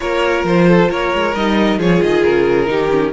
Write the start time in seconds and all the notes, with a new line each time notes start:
0.00 A#3 F4 A#4 C#5
0.44 F3 C5
0.68 A4
0.89 A#3 A#4 C#5
1.14 G#3
1.34 G3 D#4 D#5
1.77 F3 F4 G#4 C#5
2.01 D#3 D#5
2.23 C#3 A#4
2.66 D#3 D#4 G4
2.90 C#4